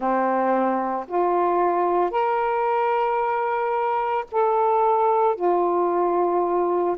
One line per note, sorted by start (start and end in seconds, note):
0.00 1.06 C4
1.07 2.10 F4
2.10 4.25 A#4
4.31 5.35 A4
5.35 6.96 F4